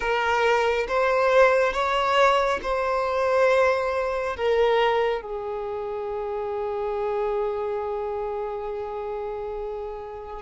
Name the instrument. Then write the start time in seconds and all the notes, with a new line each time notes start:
violin
0.00 A#4
0.88 C5
1.73 C#5
2.62 C5
4.36 A#4
5.21 G#4